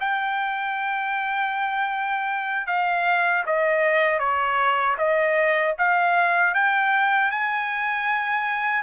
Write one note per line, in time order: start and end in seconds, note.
0.00 2.67 G5
2.67 3.44 F5
3.46 4.19 D#5
4.19 4.96 C#5
4.98 5.75 D#5
5.78 6.55 F5
6.55 7.31 G5
7.31 8.83 G#5